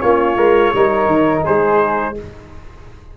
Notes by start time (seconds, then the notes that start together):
0.00 A#3 C#4 F4 C#5
0.36 G#3 A#4
0.73 G3 D#4 A#4
1.06 D#3
1.43 G#3 G#4 C5